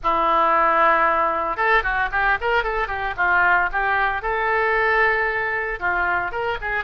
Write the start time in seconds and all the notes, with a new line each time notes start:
0.03 E4
1.56 A4
1.83 F#4
2.11 G4
2.40 A#4
2.63 A4
2.87 G4
3.17 F4
3.72 G4
4.22 A4
5.79 F4
6.31 A#4
6.61 G#4